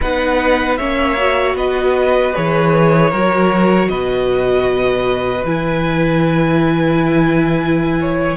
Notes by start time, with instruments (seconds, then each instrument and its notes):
0.00 cello B3, viola D#4, violin B4 F#5
0.76 cello A#3, viola C#4, violin C#5 E5
1.16 viola F#4
1.54 cello B3, violin B4 D#5
2.33 cello E3, viola G#4, violin C#5
3.10 cello F#3, viola F#4, violin A#4
3.88 cello B2, violin B4 D#5
5.44 cello E3, viola E4, violin G#5
8.00 violin C#5